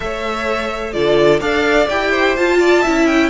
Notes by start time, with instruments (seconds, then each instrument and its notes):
0.00 cello A3, viola A4, violin C#5 E5
0.93 cello D3, viola F4, violin A4 D5
1.40 cello D4, viola A4, violin D5 F5
1.89 cello E4, viola G4, violin G5
2.10 violin C5
2.35 cello F4, viola F4, violin A5
2.59 violin D5
2.81 cello C#4, viola E4, violin E5
3.06 violin G5